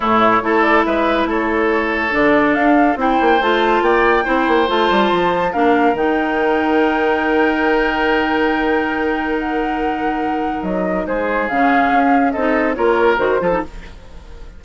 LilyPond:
<<
  \new Staff \with { instrumentName = "flute" } { \time 4/4 \tempo 4 = 141 cis''4. d''8 e''4 cis''4~ | cis''4 d''4 f''4 g''4 | a''4 g''2 a''4~ | a''4 f''4 g''2~ |
g''1~ | g''2 fis''2~ | fis''4 dis''4 c''4 f''4~ | f''4 dis''4 cis''4 c''4 | }
  \new Staff \with { instrumentName = "oboe" } { \time 4/4 e'4 a'4 b'4 a'4~ | a'2. c''4~ | c''4 d''4 c''2~ | c''4 ais'2.~ |
ais'1~ | ais'1~ | ais'2 gis'2~ | gis'4 a'4 ais'4. a'8 | }
  \new Staff \with { instrumentName = "clarinet" } { \time 4/4 a4 e'2.~ | e'4 d'2 e'4 | f'2 e'4 f'4~ | f'4 d'4 dis'2~ |
dis'1~ | dis'1~ | dis'2. cis'4~ | cis'4 dis'4 f'4 fis'8 f'16 dis'16 | }
  \new Staff \with { instrumentName = "bassoon" } { \time 4/4 a,4 a4 gis4 a4~ | a4 d4 d'4 c'8 ais8 | a4 ais4 c'8 ais8 a8 g8 | f4 ais4 dis2~ |
dis1~ | dis1~ | dis4 fis4 gis4 cis4 | cis'4 c'4 ais4 dis8 f8 | }
>>